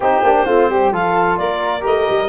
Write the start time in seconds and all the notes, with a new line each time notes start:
0.00 C4 D#4 G4 C5
0.22 A#3 D4
0.45 A3 C4 F4
0.69 G3 G4
0.91 F3 F4 A4 F5
1.37 A#3 A#4 D5
1.80 A3 G4 D#5
2.09 G3